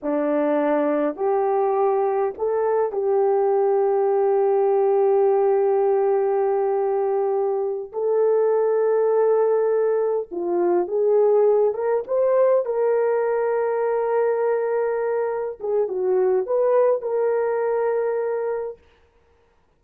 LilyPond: \new Staff \with { instrumentName = "horn" } { \time 4/4 \tempo 4 = 102 d'2 g'2 | a'4 g'2.~ | g'1~ | g'4. a'2~ a'8~ |
a'4. f'4 gis'4. | ais'8 c''4 ais'2~ ais'8~ | ais'2~ ais'8 gis'8 fis'4 | b'4 ais'2. | }